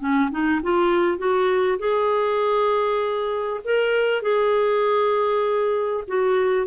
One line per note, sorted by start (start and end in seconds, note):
0.00 0.30 C#4
0.31 0.61 D#4
0.63 1.18 F4
1.18 1.79 F#4
1.79 3.61 G#4
3.64 4.23 A#4
4.23 6.04 G#4
6.08 6.67 F#4